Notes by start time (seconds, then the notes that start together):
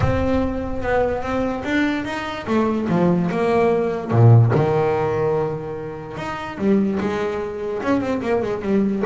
0.00 C4
0.82 B3
1.22 C4
1.64 D4
2.04 D#4
2.47 A3
2.88 F3
3.30 A#3
4.11 A#2
4.54 D#3
6.17 D#4
6.58 G3
7.00 G#3
7.82 C#4
8.00 C4
8.22 A#3
8.42 G#3
8.62 G3